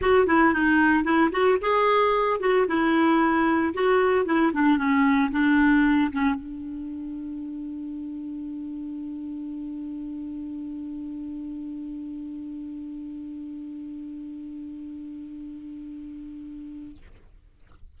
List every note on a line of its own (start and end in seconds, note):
0.01 0.27 F#4
0.27 0.53 E4
0.53 1.04 D#4
1.04 1.30 E4
1.31 1.58 F#4
1.61 2.40 G#4
2.40 2.66 F#4
2.67 3.73 E4
3.74 4.25 F#4
4.25 4.52 E4
4.53 4.77 D4
4.77 5.30 C#4
5.31 6.11 D4
6.12 6.35 C#4
6.35 16.96 D4